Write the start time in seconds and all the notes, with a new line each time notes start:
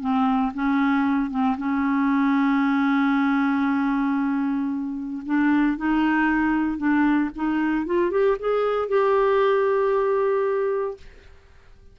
0.00 C4
0.54 C#4
1.30 C4
1.57 C#4
5.25 D4
5.77 D#4
6.77 D4
7.35 D#4
7.86 F4
8.10 G4
8.39 G#4
8.88 G4